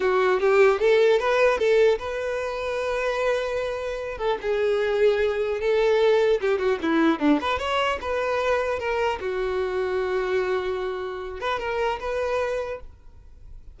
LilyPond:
\new Staff \with { instrumentName = "violin" } { \time 4/4 \tempo 4 = 150 fis'4 g'4 a'4 b'4 | a'4 b'2.~ | b'2~ b'8 a'8 gis'4~ | gis'2 a'2 |
g'8 fis'8 e'4 d'8 b'8 cis''4 | b'2 ais'4 fis'4~ | fis'1~ | fis'8 b'8 ais'4 b'2 | }